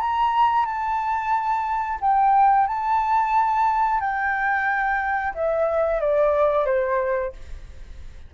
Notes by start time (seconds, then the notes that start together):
0.00 A#5
0.65 A5
2.01 G5
2.67 A5
4.00 G5
5.34 E5
6.00 D5
6.65 C5